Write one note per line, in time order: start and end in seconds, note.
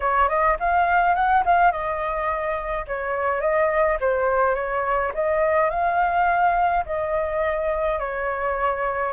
0.00 0.28 C#5
0.28 0.57 D#5
0.59 1.15 F5
1.15 1.43 F#5
1.45 1.71 F5
1.71 2.85 D#5
2.87 3.40 C#5
3.40 3.97 D#5
4.00 4.54 C5
4.54 5.11 C#5
5.14 5.70 D#5
5.70 6.84 F5
6.85 7.99 D#5
7.99 9.12 C#5